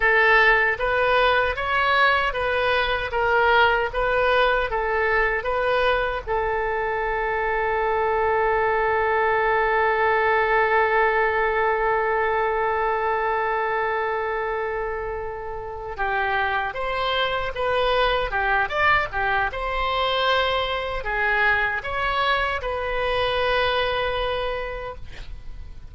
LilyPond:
\new Staff \with { instrumentName = "oboe" } { \time 4/4 \tempo 4 = 77 a'4 b'4 cis''4 b'4 | ais'4 b'4 a'4 b'4 | a'1~ | a'1~ |
a'1~ | a'8 g'4 c''4 b'4 g'8 | d''8 g'8 c''2 gis'4 | cis''4 b'2. | }